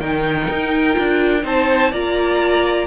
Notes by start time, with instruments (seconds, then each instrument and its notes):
0.00 cello D#3, viola D#4, violin A#4 G5
0.49 cello D#4
0.93 cello D4, viola F4
1.42 cello C4, viola D#4, violin C5 A5
1.92 cello A#3, viola F4, violin D5 A#5